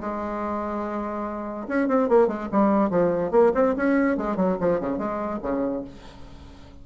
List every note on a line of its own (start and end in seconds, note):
0.00 1.67 G#3
1.68 1.88 C#4
1.88 2.09 C4
2.09 2.27 A#3
2.27 2.48 G#3
2.52 2.90 G3
2.90 3.31 F3
3.31 3.52 A#3
3.54 3.75 C4
3.76 4.17 C#4
4.17 4.36 G#3
4.36 4.57 F#3
4.60 4.80 F3
4.80 4.98 C#3
4.98 5.39 G#3
5.42 5.84 C#3